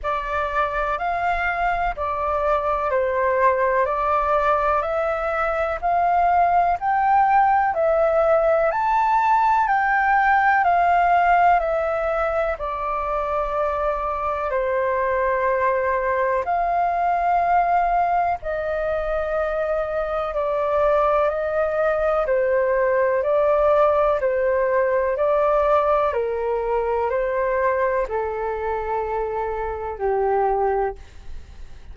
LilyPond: \new Staff \with { instrumentName = "flute" } { \time 4/4 \tempo 4 = 62 d''4 f''4 d''4 c''4 | d''4 e''4 f''4 g''4 | e''4 a''4 g''4 f''4 | e''4 d''2 c''4~ |
c''4 f''2 dis''4~ | dis''4 d''4 dis''4 c''4 | d''4 c''4 d''4 ais'4 | c''4 a'2 g'4 | }